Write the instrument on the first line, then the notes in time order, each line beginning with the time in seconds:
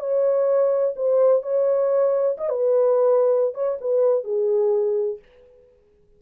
horn
0.00 C#5
0.96 C5
1.43 C#5
2.38 D#5
2.50 B4
3.55 C#5
3.81 B4
4.25 G#4